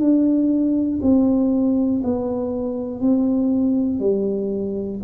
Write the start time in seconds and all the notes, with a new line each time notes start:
0.00 D4
1.03 C4
2.04 B3
3.01 C4
4.00 G3